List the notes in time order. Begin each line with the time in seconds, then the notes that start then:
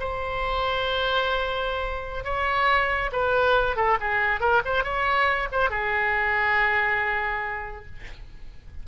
0.00 C5
2.24 C#5
3.13 B4
3.77 A4
4.00 G#4
4.40 A#4
4.65 C5
4.84 C#5
5.52 C5
5.70 G#4